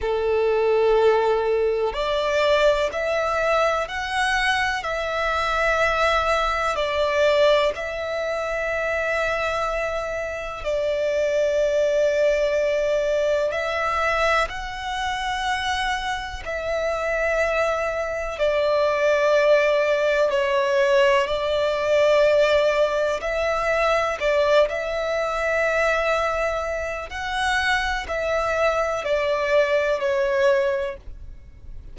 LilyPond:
\new Staff \with { instrumentName = "violin" } { \time 4/4 \tempo 4 = 62 a'2 d''4 e''4 | fis''4 e''2 d''4 | e''2. d''4~ | d''2 e''4 fis''4~ |
fis''4 e''2 d''4~ | d''4 cis''4 d''2 | e''4 d''8 e''2~ e''8 | fis''4 e''4 d''4 cis''4 | }